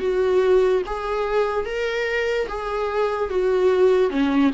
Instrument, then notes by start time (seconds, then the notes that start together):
viola
0.00 F#4
0.86 G#4
1.66 A#4
2.48 G#4
3.30 F#4
4.10 C#4